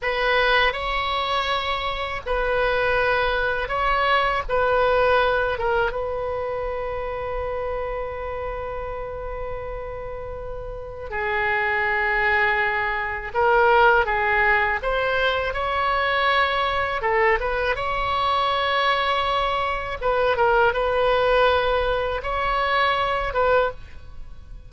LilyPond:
\new Staff \with { instrumentName = "oboe" } { \time 4/4 \tempo 4 = 81 b'4 cis''2 b'4~ | b'4 cis''4 b'4. ais'8 | b'1~ | b'2. gis'4~ |
gis'2 ais'4 gis'4 | c''4 cis''2 a'8 b'8 | cis''2. b'8 ais'8 | b'2 cis''4. b'8 | }